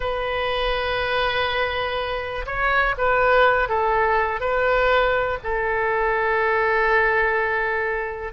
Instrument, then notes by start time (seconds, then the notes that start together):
oboe
0.00 B4
2.45 C#5
2.97 B4
3.68 A4
4.40 B4
5.43 A4